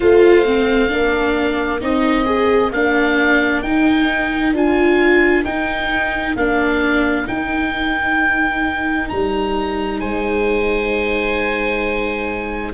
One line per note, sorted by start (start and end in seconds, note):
0.00 0.91 A3
0.00 0.45 F4
0.00 0.90 C5
0.00 1.80 F5
0.45 0.88 C4
0.88 1.81 A#3
0.88 1.79 D4
0.88 9.99 A#4
1.80 2.71 C4
1.80 2.25 D#4
1.80 2.72 D#5
2.25 2.70 G#4
2.71 3.62 A#3
2.71 3.64 D4
2.71 3.62 F5
3.62 4.52 D#4
3.62 4.53 D#4
3.62 4.52 G5
4.52 5.43 D4
4.52 5.44 F4
4.52 5.45 G#5
5.44 6.35 D#4
5.44 6.36 D#4
5.44 6.35 G5
6.35 7.26 A#3
6.35 7.26 D4
6.35 7.27 F5
7.26 12.71 D#4
7.26 9.10 D#4
7.26 9.09 G5
9.09 10.00 G3
9.09 9.99 A#5
9.99 12.73 G#3
9.99 12.73 C5
9.99 12.72 G#5